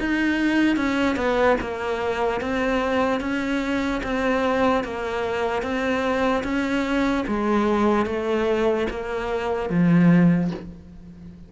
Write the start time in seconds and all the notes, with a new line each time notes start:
0.00 D#4
0.77 C#4
1.16 B3
1.61 A#3
2.41 C4
3.21 C#4
4.04 C4
4.85 A#3
5.63 C4
6.44 C#4
7.28 G#3
8.06 A3
8.90 A#3
9.70 F3